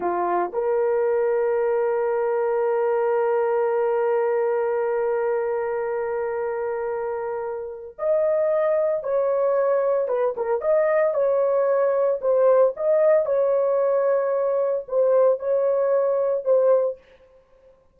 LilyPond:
\new Staff \with { instrumentName = "horn" } { \time 4/4 \tempo 4 = 113 f'4 ais'2.~ | ais'1~ | ais'1~ | ais'2. dis''4~ |
dis''4 cis''2 b'8 ais'8 | dis''4 cis''2 c''4 | dis''4 cis''2. | c''4 cis''2 c''4 | }